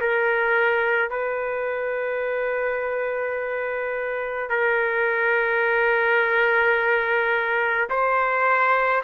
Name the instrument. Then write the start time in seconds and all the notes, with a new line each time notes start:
trumpet
0.00 A#4
1.10 B4
4.49 A#4
7.89 C5